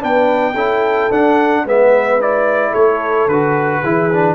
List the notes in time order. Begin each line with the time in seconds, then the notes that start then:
0.00 B3 D4 B4 G5
0.54 C#4 E4 A4
1.11 D4 F#5
1.65 G#3 B3 B4 E5
2.21 E4 D5
2.71 A3 A4 C#5
3.28 D3 F#4 B4
3.82 E3 E4 G#4
4.13 D4